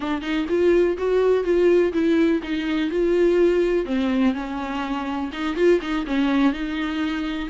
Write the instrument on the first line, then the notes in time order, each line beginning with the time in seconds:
viola
0.00 D4
0.21 D#4
0.49 F4
0.97 F#4
1.43 F4
1.92 E4
2.42 D#4
2.90 F4
3.85 C4
4.34 C#4
5.32 D#4
5.55 F4
5.81 D#4
6.06 C#4
6.52 D#4